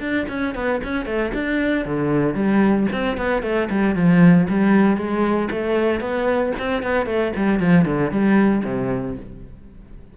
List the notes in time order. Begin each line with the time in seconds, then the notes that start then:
0.00 D4
0.28 C#4
0.55 B3
0.83 C#4
1.06 A3
1.34 D4
1.85 D3
2.34 G3
2.92 C4
3.17 B3
3.42 A3
3.70 G3
3.95 F3
4.49 G3
4.97 G#3
5.51 A3
6.00 B3
6.59 C4
6.83 B3
7.06 A3
7.36 G3
7.59 F3
7.85 D3
8.11 G3
8.64 C3